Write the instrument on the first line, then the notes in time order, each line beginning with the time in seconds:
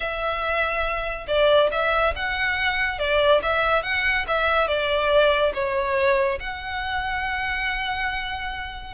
violin
0.00 E5
1.27 D5
1.71 E5
2.15 F#5
2.98 D5
3.42 E5
3.83 F#5
4.27 E5
4.67 D5
5.53 C#5
6.40 F#5